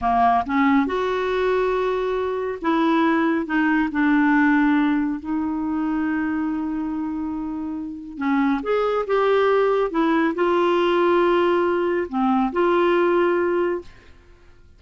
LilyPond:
\new Staff \with { instrumentName = "clarinet" } { \time 4/4 \tempo 4 = 139 ais4 cis'4 fis'2~ | fis'2 e'2 | dis'4 d'2. | dis'1~ |
dis'2. cis'4 | gis'4 g'2 e'4 | f'1 | c'4 f'2. | }